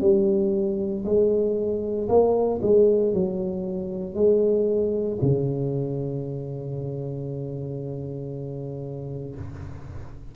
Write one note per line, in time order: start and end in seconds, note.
0.00 1.03 G3
1.04 2.08 G#3
2.08 2.60 A#3
2.61 3.13 G#3
3.13 4.14 F#3
4.14 5.18 G#3
5.21 9.35 C#3